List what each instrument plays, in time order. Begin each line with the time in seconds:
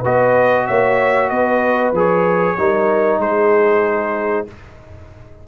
0.00 tuba B3, trombone F#4, horn B4, trumpet D#5
0.67 tuba A#3, horn C#5, trumpet E5
1.29 tuba B3, horn B4, trumpet D#5
1.92 tuba F3, trombone G#4
1.99 trumpet C#5
2.58 tuba G3, trombone D#4, horn A#4
3.18 tuba G#3, horn G#4, trumpet C5